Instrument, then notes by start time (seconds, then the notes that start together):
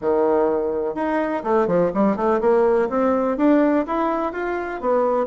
bassoon
0.01 D#3
0.94 D#4
1.43 A3
1.67 F3
1.93 G3
2.16 A3
2.40 A#3
2.89 C4
3.37 D4
3.86 E4
4.32 F4
4.80 B3